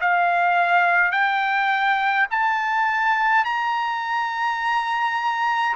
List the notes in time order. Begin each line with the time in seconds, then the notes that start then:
0.00 F5
1.11 G5
2.30 A5
3.44 A#5